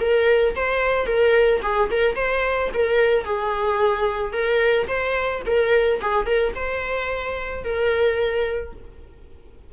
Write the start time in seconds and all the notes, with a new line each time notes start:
0.00 A#4
0.55 C5
1.06 A#4
1.62 G#4
1.91 A#4
2.15 C5
2.73 A#4
3.25 G#4
4.33 A#4
4.87 C5
5.46 A#4
6.01 G#4
6.26 A#4
6.55 C5
7.64 A#4